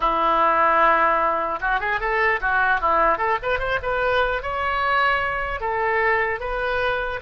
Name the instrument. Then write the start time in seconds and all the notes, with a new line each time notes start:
oboe
0.00 E4
1.61 F#4
1.80 G#4
2.00 A4
2.41 F#4
2.80 E4
3.18 A4
3.42 B4
3.59 C5
3.82 B4
4.42 C#5
5.60 A4
6.39 B4